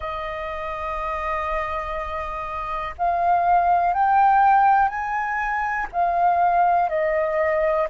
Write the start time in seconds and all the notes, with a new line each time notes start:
0.00 D#5
2.98 F5
3.93 G5
4.88 G#5
5.92 F5
6.89 D#5